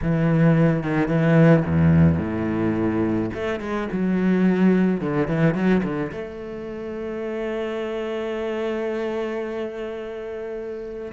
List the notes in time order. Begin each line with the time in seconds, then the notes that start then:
0.02 E3
0.83 D#3
1.08 E3
1.65 E2
2.18 A2
3.34 A3
3.60 G#3
3.91 F#3
5.01 D3
5.27 E3
5.54 F#3
5.83 D3
6.12 A3